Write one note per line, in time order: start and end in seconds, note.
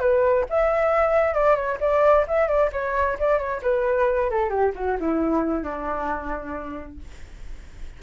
0.00 0.45 B4
0.50 1.34 E5
1.34 1.56 D5
1.56 1.79 C#5
1.81 2.26 D5
2.28 2.48 E5
2.48 2.70 D5
2.73 3.18 C#5
3.19 3.39 D5
3.39 3.62 C#5
3.63 4.30 B4
4.30 4.50 A4
4.50 4.72 G4
4.76 4.98 F#4
5.00 5.64 E4
5.64 6.99 D4